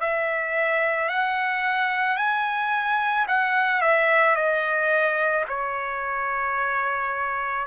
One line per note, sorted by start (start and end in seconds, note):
0.00 1.09 E5
1.09 2.17 F#5
2.17 3.26 G#5
3.27 3.81 F#5
3.81 4.35 E5
4.35 5.44 D#5
5.48 7.66 C#5